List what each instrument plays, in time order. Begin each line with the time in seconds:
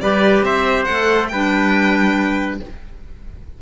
0.00 cello G3, clarinet G4, trumpet B4, violin D5
0.42 cello C4, trumpet C5, violin E5
0.84 cello A3, clarinet A4, violin F#5
1.28 cello G3, clarinet D4, trumpet B4, violin G5